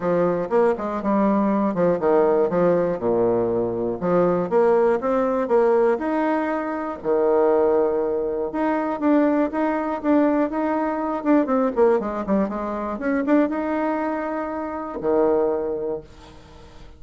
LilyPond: \new Staff \with { instrumentName = "bassoon" } { \time 4/4 \tempo 4 = 120 f4 ais8 gis8 g4. f8 | dis4 f4 ais,2 | f4 ais4 c'4 ais4 | dis'2 dis2~ |
dis4 dis'4 d'4 dis'4 | d'4 dis'4. d'8 c'8 ais8 | gis8 g8 gis4 cis'8 d'8 dis'4~ | dis'2 dis2 | }